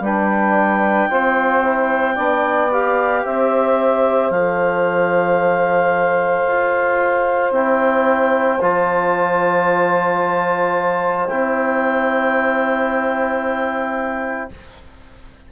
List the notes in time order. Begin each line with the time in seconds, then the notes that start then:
0.00 G3 D4 B4 G5
1.10 C4 F4 C5
1.64 E4
2.15 B3 D4 D5
2.71 G4 F5
3.24 C4 C5 E5
4.30 F3 A4 F5
6.48 F4
7.51 C4 E4 G5
8.61 F3 F4 A5
11.28 C4 E4 G5